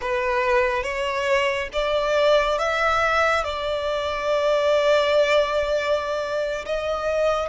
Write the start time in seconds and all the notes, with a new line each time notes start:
0.01 B4
0.83 C#5
1.73 D5
2.58 E5
3.44 D5
6.65 D#5